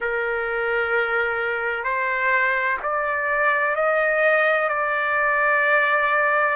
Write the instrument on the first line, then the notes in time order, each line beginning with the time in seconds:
trumpet
0.00 A#4
1.84 C5
2.83 D5
3.75 D#5
4.69 D5